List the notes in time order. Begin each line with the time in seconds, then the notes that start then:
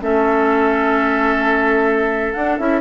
0.00 A3 C#4 A4 E5
2.33 D4 F#5
2.58 C#4 E4 E5